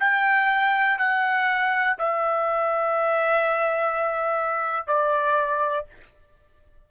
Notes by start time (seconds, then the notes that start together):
0.00 G5
0.99 F#5
1.99 E5
4.87 D5